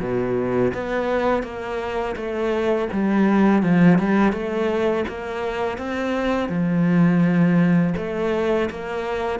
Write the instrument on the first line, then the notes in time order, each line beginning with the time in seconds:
cello
0.00 B2
0.74 B3
1.43 A#3
2.16 A3
2.92 G3
3.63 F3
3.99 G3
4.32 A3
5.08 A#3
5.78 C4
6.49 F3
7.97 A3
8.70 A#3